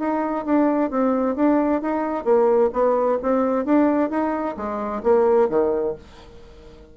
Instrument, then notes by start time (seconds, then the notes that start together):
bassoon
0.00 D#4
0.46 D4
0.91 C4
1.36 D4
1.82 D#4
2.25 A#3
2.73 B3
3.23 C4
3.66 D4
4.10 D#4
4.57 G#3
5.04 A#3
5.50 D#3